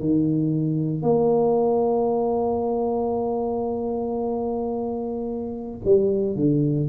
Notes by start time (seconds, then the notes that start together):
0.00 D#3
1.03 A#3
5.85 G3
6.36 D3